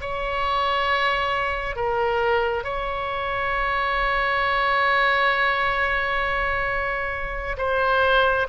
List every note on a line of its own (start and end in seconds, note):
0.00 1.75 C#5
1.75 2.64 A#4
2.64 7.56 C#5
7.57 8.47 C5